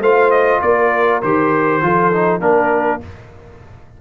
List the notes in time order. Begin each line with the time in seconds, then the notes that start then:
0.00 A3 F4 C5 F5
0.31 D#5
0.62 A#3 A#4 D5
1.23 D#3 G4 C5
1.82 F3 F4 A4
2.13 D#4
2.41 A#3 D4 A#4